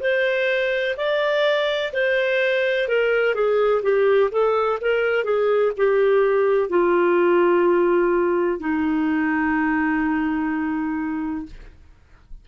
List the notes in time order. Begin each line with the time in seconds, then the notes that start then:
0.00 C5
0.97 D5
1.93 C5
2.88 A#4
3.35 G#4
3.83 G4
4.31 A4
4.81 A#4
5.24 G#4
5.77 G4
6.69 F4
8.60 D#4